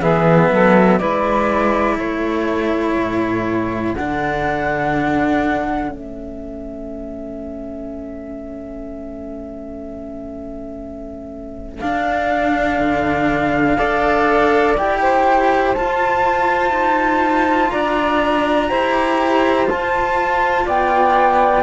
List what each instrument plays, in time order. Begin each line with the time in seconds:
0.00 cello E3 B3, saxophone G#4, flute E5
0.51 cello F#3, saxophone A4
0.98 cello G#3 E4, saxophone B4, flute D5
1.95 cello A3, saxophone A4, flute C#5
2.97 cello A2
3.94 cello D3 D4, flute F#5
5.89 cello A3 C#4, flute E5
11.79 cello D4, flute F5
12.78 cello D3
13.77 cello D4 A4, saxophone D5
14.77 cello E4 G4, flute G5
15.01 saxophone C5
15.74 cello F4, flute A5
16.70 cello D#4
17.70 cello D4, saxophone D5, flute A#5
18.69 cello E4 G4, saxophone C5
19.65 cello F4, flute A5
20.65 cello B3, saxophone D5, flute G5